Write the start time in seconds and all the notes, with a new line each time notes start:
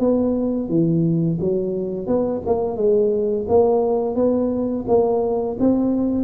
0.00 B3
0.69 E3
1.40 F#3
2.07 B3
2.46 A#3
2.77 G#3
3.49 A#3
4.15 B3
4.88 A#3
5.60 C4